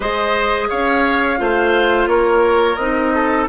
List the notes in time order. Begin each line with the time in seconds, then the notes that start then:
0.00 G#3 G#4 C5 D#5
0.69 C#4 C#5 F5
1.37 A3 F4 C5
2.07 A#3 A#4 C#5
2.75 C4 D#4 D#5
3.14 A4